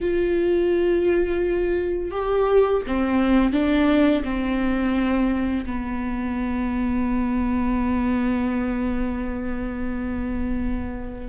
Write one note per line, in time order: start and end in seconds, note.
0.00 2.11 F4
2.11 2.81 G4
2.86 3.52 C4
3.52 4.23 D4
4.24 5.65 C4
5.65 11.28 B3